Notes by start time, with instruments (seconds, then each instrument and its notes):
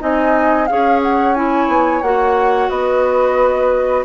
0.00 bassoon C4, clarinet D#4, flute D#5 G#5
0.66 bassoon C#4, clarinet G#4, flute C#5 F5
1.03 flute F#5
1.35 clarinet E4, flute G#5
1.68 bassoon B3
2.02 bassoon A#3, clarinet F#4, flute F#5
2.70 bassoon B3, flute B4 D#5